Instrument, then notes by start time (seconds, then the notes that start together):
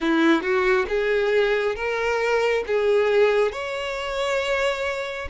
violin
0.00 E4
0.42 F#4
0.88 G#4
1.75 A#4
2.66 G#4
3.52 C#5